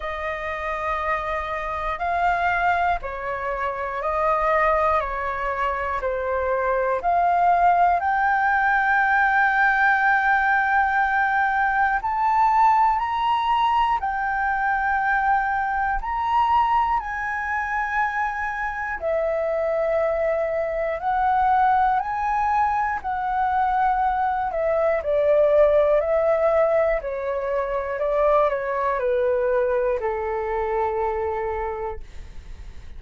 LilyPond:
\new Staff \with { instrumentName = "flute" } { \time 4/4 \tempo 4 = 60 dis''2 f''4 cis''4 | dis''4 cis''4 c''4 f''4 | g''1 | a''4 ais''4 g''2 |
ais''4 gis''2 e''4~ | e''4 fis''4 gis''4 fis''4~ | fis''8 e''8 d''4 e''4 cis''4 | d''8 cis''8 b'4 a'2 | }